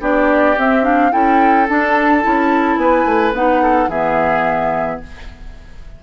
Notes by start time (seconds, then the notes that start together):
0.00 B3 D4 G4 D5
0.57 C4 E5
0.82 D4 F5
1.11 C#4 E4 A4 G5
1.69 D4 A5
2.22 C#4 E4
2.76 B3 B4 G#5
3.05 A3
3.32 B3 D#4 F#5
3.62 A4
3.87 E3 B3 G#4 E5